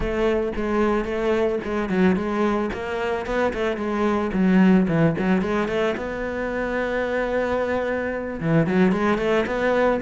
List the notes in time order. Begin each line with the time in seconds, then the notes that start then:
0.00 A3
0.56 G#3
1.04 A3
1.64 G#3
1.89 F#3
2.16 G#3
2.73 A#3
3.26 B3
3.53 A3
3.76 G#3
4.33 F#3
4.88 E3
5.18 F#3
5.41 G#3
5.68 A3
5.97 B3
8.40 E3
8.67 F#3
8.92 G#3
9.18 A3
9.46 B3